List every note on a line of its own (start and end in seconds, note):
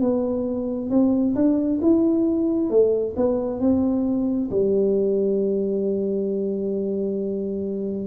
0.00 0.90 B3
0.90 1.35 C4
1.35 1.80 D4
1.82 2.70 E4
2.70 3.15 A3
3.16 3.60 B3
3.60 4.49 C4
4.51 8.07 G3